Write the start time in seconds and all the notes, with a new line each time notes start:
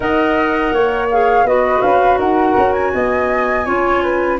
0.00 D#4 A#4 D#5 F#5
0.72 A#3 C#5
1.11 G#4 F5
1.44 B3 F#4 B4 D#5
1.81 C#4 F5
2.18 D#4 A#4 F#5
2.57 C#4
2.73 G#5
2.93 B3 D#5
3.65 C#4 F4 C#5
4.02 B4